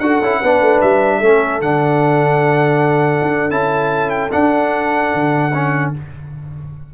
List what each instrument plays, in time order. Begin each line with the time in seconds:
0.00 tuba D4, trombone F#4, horn A4, trumpet F#5
0.22 tuba C#4, trombone E4
0.41 tuba B3, trombone D4, horn B4
0.61 tuba A3
0.81 tuba G3, trumpet E5
1.19 tuba A3, trombone C#4, horn A4
1.61 tuba D3, trombone D4, trumpet F#5
3.22 tuba D4
3.51 tuba C#4, trombone E4, trumpet A5
4.10 trumpet G5
4.32 trombone D4, tuba D4, trumpet F#5
5.15 tuba D3
5.54 trombone C#4